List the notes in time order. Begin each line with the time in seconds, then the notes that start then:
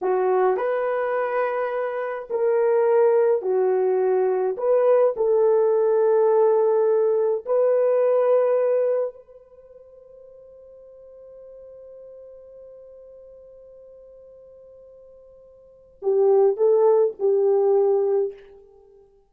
0.01 F#4
0.57 B4
2.30 A#4
3.42 F#4
4.57 B4
5.16 A4
7.45 B4
9.14 C5
16.02 G4
16.56 A4
17.19 G4